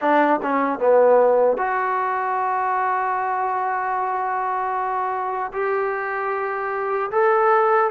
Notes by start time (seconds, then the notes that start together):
0.01 D4
0.42 C#4
0.79 B3
1.57 F#4
5.53 G4
7.11 A4